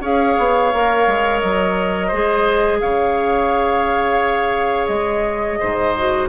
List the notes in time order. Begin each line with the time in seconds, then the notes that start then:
0.00 C#4 G#4 C#5 F5
0.38 B3
0.73 A#3 A#4
1.07 G#3
1.40 F#3 D#5
2.07 G#3 G#4 C5
2.80 C#3 C#5 F5
4.87 G#3 D#5
5.59 G#2 C5
5.96 F#4